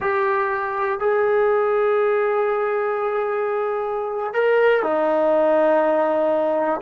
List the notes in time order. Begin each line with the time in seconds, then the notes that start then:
0.00 G4
0.99 G#4
4.33 A#4
4.82 D#4